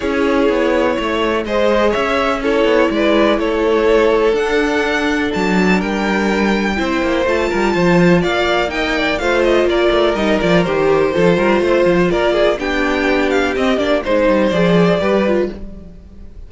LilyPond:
<<
  \new Staff \with { instrumentName = "violin" } { \time 4/4 \tempo 4 = 124 cis''2. dis''4 | e''4 cis''4 d''4 cis''4~ | cis''4 fis''2 a''4 | g''2. a''4~ |
a''4 f''4 g''4 f''8 dis''8 | d''4 dis''8 d''8 c''2~ | c''4 d''4 g''4. f''8 | dis''8 d''8 c''4 d''2 | }
  \new Staff \with { instrumentName = "violin" } { \time 4/4 gis'2 cis''4 c''4 | cis''4 a'4 b'4 a'4~ | a'1 | ais'2 c''4. ais'8 |
c''4 d''4 dis''8 d''8 c''4 | ais'2. a'8 ais'8 | c''4 ais'8 gis'8 g'2~ | g'4 c''2 b'4 | }
  \new Staff \with { instrumentName = "viola" } { \time 4/4 e'2. gis'4~ | gis'4 e'2.~ | e'4 d'2.~ | d'2 e'4 f'4~ |
f'2 dis'4 f'4~ | f'4 dis'8 f'8 g'4 f'4~ | f'2 d'2 | c'8 d'8 dis'4 gis'4 g'8 f'8 | }
  \new Staff \with { instrumentName = "cello" } { \time 4/4 cis'4 b4 a4 gis4 | cis'4. b8 gis4 a4~ | a4 d'2 fis4 | g2 c'8 ais8 a8 g8 |
f4 ais2 a4 | ais8 a8 g8 f8 dis4 f8 g8 | a8 f8 ais4 b2 | c'8 ais8 gis8 g8 f4 g4 | }
>>